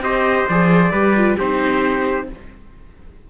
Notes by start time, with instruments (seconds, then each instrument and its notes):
0.00 cello C4, viola G4, trumpet C5 D#5
0.49 cello F3, viola G#4, trumpet D5
0.91 cello G3, viola G4, trumpet B4
1.17 viola F4
1.37 cello C4, viola D#4, trumpet G4 C5